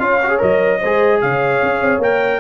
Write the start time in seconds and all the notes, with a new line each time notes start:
0.00 C#4 F4 C#5 F5
0.23 F#4
0.29 G#4
0.39 F#3 A#4 D#5
0.80 G#3 G#4 C5
1.21 C#3 C#5 F5
1.62 C#4
1.82 C4
1.98 A#3 A#4 G5